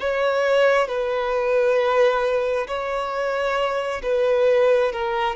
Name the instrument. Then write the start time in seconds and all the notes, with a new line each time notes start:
violin
0.00 C#5
0.88 B4
2.67 C#5
4.03 B4
4.93 A#4